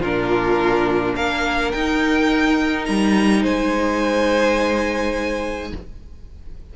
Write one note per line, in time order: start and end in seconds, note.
0.00 1.14 A#2
0.00 1.76 D4
0.00 1.15 F4
0.00 1.16 A#4
1.16 1.73 A#3
1.16 3.42 A#4
1.16 1.72 F5
1.72 2.88 D#4
1.72 5.76 D#4
1.72 2.85 G5
2.85 3.44 G3
2.85 3.43 A#5
3.42 5.73 G#3
3.42 5.71 C5
3.42 5.74 G#5